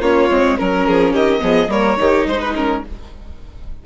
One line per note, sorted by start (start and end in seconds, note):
0.00 0.28 A#3
0.00 0.30 C#4
0.00 0.56 F4
0.00 0.57 C#5
0.30 0.58 G#3
0.30 0.57 C4
0.57 0.87 F#3
0.57 1.39 C#4
0.57 1.13 A#4
0.57 0.87 A#4
0.87 1.13 F3
0.87 1.12 G#4
1.12 1.41 D#3
1.12 1.40 G4
1.12 1.70 D#5
1.39 1.67 F3
1.39 1.67 B3
1.39 1.70 G#4
1.67 1.95 G3
1.67 1.97 A#3
1.67 1.99 A#4
1.67 2.27 C#5
1.97 2.26 D#3
1.97 2.53 D#4
1.97 2.28 G4
2.26 2.82 G#3
2.26 2.85 D#4
2.26 2.40 C5
2.40 2.54 B4
2.55 2.83 C#4
2.55 2.83 A#4